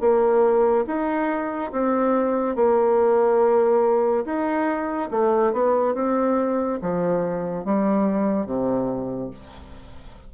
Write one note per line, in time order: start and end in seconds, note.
0.00 0.85 A#3
0.86 1.71 D#4
1.72 2.55 C4
2.55 4.24 A#3
4.25 5.09 D#4
5.10 5.52 A3
5.52 5.94 B3
5.94 6.79 C4
6.81 7.64 F3
7.64 8.45 G3
8.45 9.30 C3